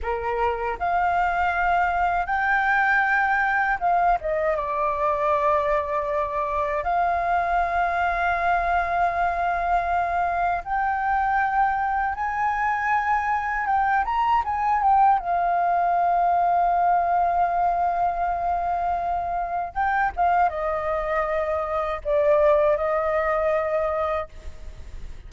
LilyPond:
\new Staff \with { instrumentName = "flute" } { \time 4/4 \tempo 4 = 79 ais'4 f''2 g''4~ | g''4 f''8 dis''8 d''2~ | d''4 f''2.~ | f''2 g''2 |
gis''2 g''8 ais''8 gis''8 g''8 | f''1~ | f''2 g''8 f''8 dis''4~ | dis''4 d''4 dis''2 | }